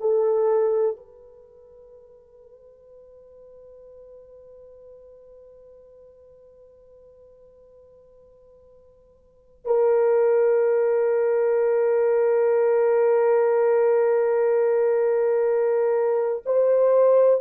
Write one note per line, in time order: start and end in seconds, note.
0.00 0.96 A4
0.96 9.65 B4
9.65 16.43 A#4
16.45 17.41 C5